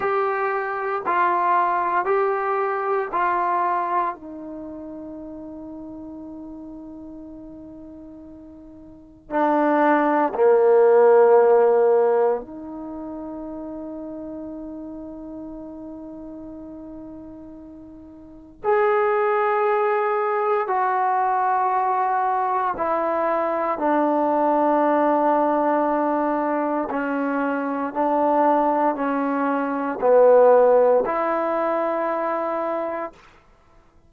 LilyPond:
\new Staff \with { instrumentName = "trombone" } { \time 4/4 \tempo 4 = 58 g'4 f'4 g'4 f'4 | dis'1~ | dis'4 d'4 ais2 | dis'1~ |
dis'2 gis'2 | fis'2 e'4 d'4~ | d'2 cis'4 d'4 | cis'4 b4 e'2 | }